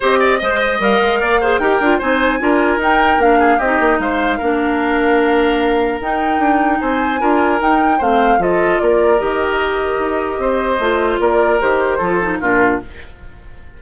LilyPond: <<
  \new Staff \with { instrumentName = "flute" } { \time 4/4 \tempo 4 = 150 dis''2 f''2 | g''4 gis''2 g''4 | f''4 dis''4 f''2~ | f''2. g''4~ |
g''4 gis''2 g''4 | f''4 dis''4 d''4 dis''4~ | dis''1 | d''4 c''2 ais'4 | }
  \new Staff \with { instrumentName = "oboe" } { \time 4/4 c''8 d''8 dis''16 c''16 dis''4. d''8 c''8 | ais'4 c''4 ais'2~ | ais'8 gis'8 g'4 c''4 ais'4~ | ais'1~ |
ais'4 c''4 ais'2 | c''4 a'4 ais'2~ | ais'2 c''2 | ais'2 a'4 f'4 | }
  \new Staff \with { instrumentName = "clarinet" } { \time 4/4 g'4 c''4 ais'4. gis'8 | g'8 f'8 dis'4 f'4 dis'4 | d'4 dis'2 d'4~ | d'2. dis'4~ |
dis'2 f'4 dis'4 | c'4 f'2 g'4~ | g'2. f'4~ | f'4 g'4 f'8 dis'8 d'4 | }
  \new Staff \with { instrumentName = "bassoon" } { \time 4/4 c'4 gis4 g8 gis8 ais4 | dis'8 d'8 c'4 d'4 dis'4 | ais4 c'8 ais8 gis4 ais4~ | ais2. dis'4 |
d'4 c'4 d'4 dis'4 | a4 f4 ais4 dis4~ | dis4 dis'4 c'4 a4 | ais4 dis4 f4 ais,4 | }
>>